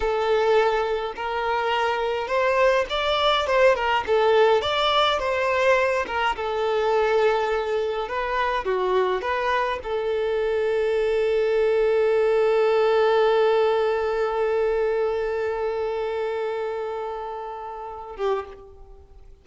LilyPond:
\new Staff \with { instrumentName = "violin" } { \time 4/4 \tempo 4 = 104 a'2 ais'2 | c''4 d''4 c''8 ais'8 a'4 | d''4 c''4. ais'8 a'4~ | a'2 b'4 fis'4 |
b'4 a'2.~ | a'1~ | a'1~ | a'2.~ a'8 g'8 | }